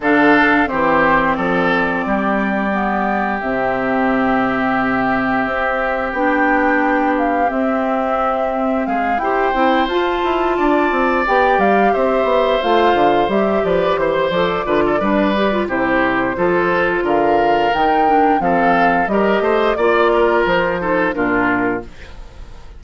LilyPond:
<<
  \new Staff \with { instrumentName = "flute" } { \time 4/4 \tempo 4 = 88 f''4 c''4 d''2~ | d''4 e''2.~ | e''4 g''4. f''8 e''4~ | e''4 f''8 g''4 a''4.~ |
a''8 g''8 f''8 e''4 f''4 e''8 | d''8 c''8 d''2 c''4~ | c''4 f''4 g''4 f''4 | dis''4 d''4 c''4 ais'4 | }
  \new Staff \with { instrumentName = "oboe" } { \time 4/4 a'4 g'4 a'4 g'4~ | g'1~ | g'1~ | g'4 gis'8 c''2 d''8~ |
d''4. c''2~ c''8 | b'8 c''4 b'16 a'16 b'4 g'4 | a'4 ais'2 a'4 | ais'8 c''8 d''8 ais'4 a'8 f'4 | }
  \new Staff \with { instrumentName = "clarinet" } { \time 4/4 d'4 c'2. | b4 c'2.~ | c'4 d'2 c'4~ | c'4. g'8 e'8 f'4.~ |
f'8 g'2 f'4 g'8~ | g'4 a'8 f'8 d'8 g'16 f'16 e'4 | f'2 dis'8 d'8 c'4 | g'4 f'4. dis'8 d'4 | }
  \new Staff \with { instrumentName = "bassoon" } { \time 4/4 d4 e4 f4 g4~ | g4 c2. | c'4 b2 c'4~ | c'4 gis8 e'8 c'8 f'8 e'8 d'8 |
c'8 b8 g8 c'8 b8 a8 d8 g8 | f8 e8 f8 d8 g4 c4 | f4 d4 dis4 f4 | g8 a8 ais4 f4 ais,4 | }
>>